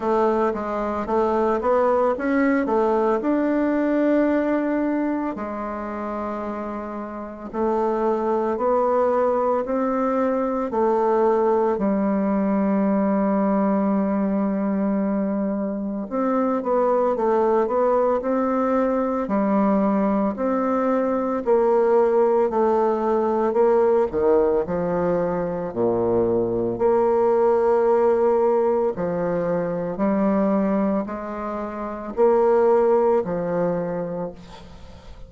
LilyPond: \new Staff \with { instrumentName = "bassoon" } { \time 4/4 \tempo 4 = 56 a8 gis8 a8 b8 cis'8 a8 d'4~ | d'4 gis2 a4 | b4 c'4 a4 g4~ | g2. c'8 b8 |
a8 b8 c'4 g4 c'4 | ais4 a4 ais8 dis8 f4 | ais,4 ais2 f4 | g4 gis4 ais4 f4 | }